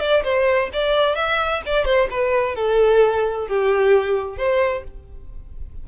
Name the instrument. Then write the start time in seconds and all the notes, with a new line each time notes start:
violin
0.00 D5
0.24 C5
0.73 D5
1.16 E5
1.66 D5
1.85 C5
2.11 B4
2.56 A4
3.48 G4
4.38 C5